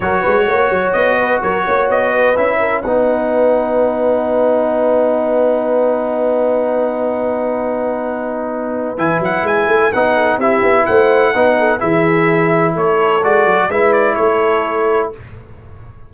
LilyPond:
<<
  \new Staff \with { instrumentName = "trumpet" } { \time 4/4 \tempo 4 = 127 cis''2 dis''4 cis''4 | dis''4 e''4 fis''2~ | fis''1~ | fis''1~ |
fis''2. gis''8 fis''8 | gis''4 fis''4 e''4 fis''4~ | fis''4 e''2 cis''4 | d''4 e''8 d''8 cis''2 | }
  \new Staff \with { instrumentName = "horn" } { \time 4/4 ais'8 b'8 cis''4. b'8 ais'8 cis''8~ | cis''8 b'4 ais'8 b'2~ | b'1~ | b'1~ |
b'1~ | b'4. a'8 g'4 c''4 | b'8 a'8 gis'2 a'4~ | a'4 b'4 a'2 | }
  \new Staff \with { instrumentName = "trombone" } { \time 4/4 fis'1~ | fis'4 e'4 dis'2~ | dis'1~ | dis'1~ |
dis'2. e'4~ | e'4 dis'4 e'2 | dis'4 e'2. | fis'4 e'2. | }
  \new Staff \with { instrumentName = "tuba" } { \time 4/4 fis8 gis8 ais8 fis8 b4 fis8 ais8 | b4 cis'4 b2~ | b1~ | b1~ |
b2. e8 fis8 | gis8 a8 b4 c'8 b8 a4 | b4 e2 a4 | gis8 fis8 gis4 a2 | }
>>